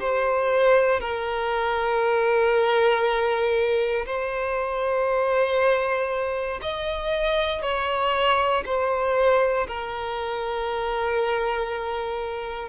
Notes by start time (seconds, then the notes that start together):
0.00 C5
1.00 A#4
4.06 C5
6.62 D#5
7.62 C#5
8.65 C5
9.67 A#4